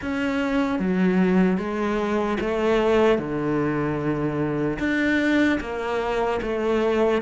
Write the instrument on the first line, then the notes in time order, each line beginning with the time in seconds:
cello
0.01 C#4
0.79 F#3
1.57 G#3
2.40 A3
3.18 D3
4.79 D4
5.60 A#3
6.42 A3